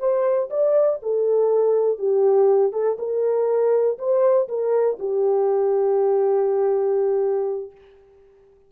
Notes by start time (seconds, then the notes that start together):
0.00 C5
0.50 D5
1.03 A4
1.99 G4
2.73 A4
2.99 A#4
3.99 C5
4.49 A#4
4.99 G4